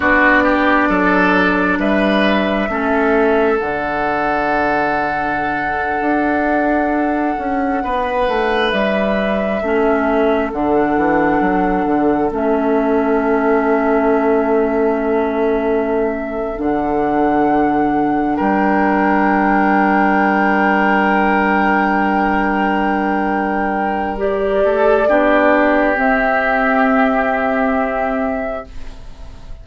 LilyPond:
<<
  \new Staff \with { instrumentName = "flute" } { \time 4/4 \tempo 4 = 67 d''2 e''2 | fis''1~ | fis''4.~ fis''16 e''2 fis''16~ | fis''4.~ fis''16 e''2~ e''16~ |
e''2~ e''8 fis''4.~ | fis''8 g''2.~ g''8~ | g''2. d''4~ | d''4 e''2. | }
  \new Staff \with { instrumentName = "oboe" } { \time 4/4 fis'8 g'8 a'4 b'4 a'4~ | a'1~ | a'8. b'2 a'4~ a'16~ | a'1~ |
a'1~ | a'8 ais'2.~ ais'8~ | ais'2.~ ais'8 a'8 | g'1 | }
  \new Staff \with { instrumentName = "clarinet" } { \time 4/4 d'2. cis'4 | d'1~ | d'2~ d'8. cis'4 d'16~ | d'4.~ d'16 cis'2~ cis'16~ |
cis'2~ cis'8 d'4.~ | d'1~ | d'2. g'4 | d'4 c'2. | }
  \new Staff \with { instrumentName = "bassoon" } { \time 4/4 b4 fis4 g4 a4 | d2~ d8. d'4~ d'16~ | d'16 cis'8 b8 a8 g4 a4 d16~ | d16 e8 fis8 d8 a2~ a16~ |
a2~ a8 d4.~ | d8 g2.~ g8~ | g2.~ g8 a8 | b4 c'2. | }
>>